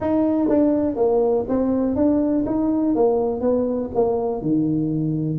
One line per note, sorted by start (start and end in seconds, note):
0.00 0.49 D#4
0.49 0.96 D4
0.96 1.45 A#3
1.48 1.95 C4
1.95 2.45 D4
2.46 2.95 D#4
2.95 3.40 A#3
3.40 3.90 B3
3.94 4.42 A#3
4.42 5.39 D#3